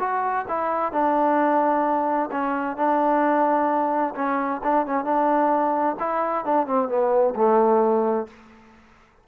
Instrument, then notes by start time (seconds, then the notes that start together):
trombone
0.00 F#4
0.49 E4
0.93 D4
2.32 C#4
2.77 D4
4.16 C#4
4.64 D4
4.87 C#4
5.05 D4
6.00 E4
6.46 D4
6.67 C4
6.89 B3
7.36 A3